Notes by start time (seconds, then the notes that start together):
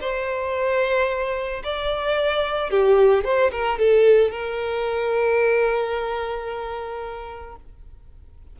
0.00 C5
1.64 D5
2.70 G4
3.24 C5
3.51 A#4
3.78 A4
4.31 A#4